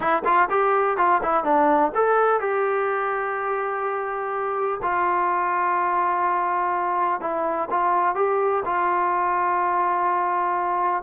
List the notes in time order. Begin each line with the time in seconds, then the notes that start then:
0.00 E4
0.24 F4
0.50 G4
0.97 F4
1.23 E4
1.44 D4
1.94 A4
2.40 G4
4.82 F4
7.20 E4
7.70 F4
8.15 G4
8.65 F4